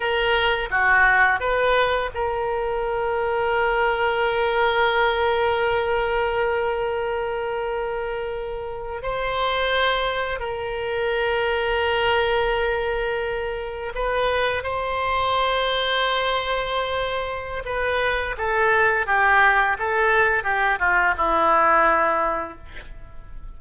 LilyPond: \new Staff \with { instrumentName = "oboe" } { \time 4/4 \tempo 4 = 85 ais'4 fis'4 b'4 ais'4~ | ais'1~ | ais'1~ | ais'8. c''2 ais'4~ ais'16~ |
ais'2.~ ais'8. b'16~ | b'8. c''2.~ c''16~ | c''4 b'4 a'4 g'4 | a'4 g'8 f'8 e'2 | }